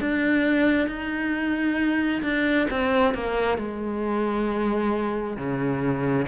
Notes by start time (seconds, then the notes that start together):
0.00 D4
0.88 D#4
2.22 D4
2.70 C4
3.14 A#3
3.57 G#3
5.37 C#3